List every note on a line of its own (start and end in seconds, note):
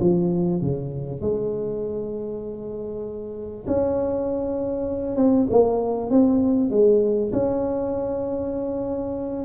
0.00 0.61 F3
0.61 1.21 C#3
1.21 3.66 G#3
3.67 5.16 C#4
5.16 5.47 C4
5.50 6.10 A#3
6.10 6.70 C4
6.70 7.31 G#3
7.32 9.45 C#4